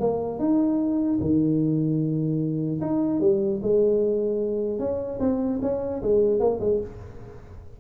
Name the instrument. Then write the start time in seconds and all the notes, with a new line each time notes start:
tuba
0.00 A#3
0.39 D#4
1.21 D#3
2.81 D#4
3.20 G3
3.62 G#3
4.79 C#4
5.20 C4
5.62 C#4
6.02 G#3
6.40 A#3
6.60 G#3